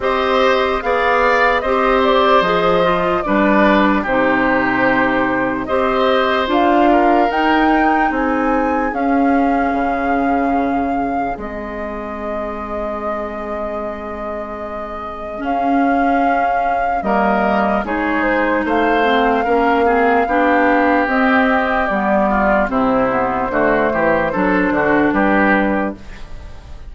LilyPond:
<<
  \new Staff \with { instrumentName = "flute" } { \time 4/4 \tempo 4 = 74 dis''4 f''4 dis''8 d''8 dis''4 | d''4 c''2 dis''4 | f''4 g''4 gis''4 f''4~ | f''2 dis''2~ |
dis''2. f''4~ | f''4 dis''4 cis''8 c''8 f''4~ | f''2 dis''4 d''4 | c''2. b'4 | }
  \new Staff \with { instrumentName = "oboe" } { \time 4/4 c''4 d''4 c''2 | b'4 g'2 c''4~ | c''8 ais'4. gis'2~ | gis'1~ |
gis'1~ | gis'4 ais'4 gis'4 c''4 | ais'8 gis'8 g'2~ g'8 f'8 | e'4 fis'8 g'8 a'8 fis'8 g'4 | }
  \new Staff \with { instrumentName = "clarinet" } { \time 4/4 g'4 gis'4 g'4 gis'8 f'8 | d'4 dis'2 g'4 | f'4 dis'2 cis'4~ | cis'2 c'2~ |
c'2. cis'4~ | cis'4 ais4 dis'4. c'8 | cis'8 c'8 d'4 c'4 b4 | c'8 b8 a4 d'2 | }
  \new Staff \with { instrumentName = "bassoon" } { \time 4/4 c'4 b4 c'4 f4 | g4 c2 c'4 | d'4 dis'4 c'4 cis'4 | cis2 gis2~ |
gis2. cis'4~ | cis'4 g4 gis4 a4 | ais4 b4 c'4 g4 | c4 d8 e8 fis8 d8 g4 | }
>>